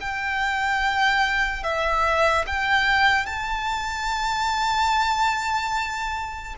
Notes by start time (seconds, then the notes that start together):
0.00 G5
1.63 E5
2.47 G5
3.26 A5